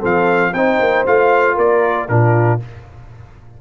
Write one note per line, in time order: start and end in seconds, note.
0.00 0.54 F3
0.00 0.52 C4
0.00 0.51 A4
0.00 0.54 F5
0.54 0.79 C4
0.54 1.07 D#4
0.54 1.56 C5
0.54 1.05 G5
0.81 1.06 A#3
1.07 1.58 A3
1.07 2.09 F4
1.07 1.58 F5
1.56 2.09 A#3
1.56 2.07 A#4
1.56 2.09 D5
2.09 2.61 A#2
2.09 2.60 D4
2.09 2.61 F4
2.09 2.60 A#4